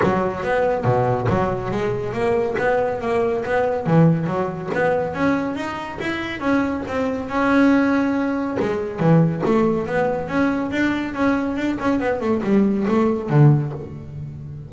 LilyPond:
\new Staff \with { instrumentName = "double bass" } { \time 4/4 \tempo 4 = 140 fis4 b4 b,4 fis4 | gis4 ais4 b4 ais4 | b4 e4 fis4 b4 | cis'4 dis'4 e'4 cis'4 |
c'4 cis'2. | gis4 e4 a4 b4 | cis'4 d'4 cis'4 d'8 cis'8 | b8 a8 g4 a4 d4 | }